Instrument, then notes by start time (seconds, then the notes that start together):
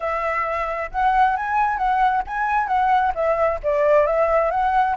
flute
0.00 E5
0.91 F#5
1.36 G#5
1.77 F#5
2.26 G#5
2.67 F#5
3.14 E5
3.63 D5
4.06 E5
4.51 F#5